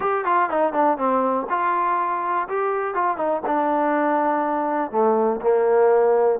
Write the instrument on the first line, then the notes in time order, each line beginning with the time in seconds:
trombone
0.00 G4
0.25 F4
0.49 D#4
0.72 D4
0.97 C4
1.49 F4
2.48 G4
2.94 F4
3.17 D#4
3.46 D4
4.91 A3
5.41 A#3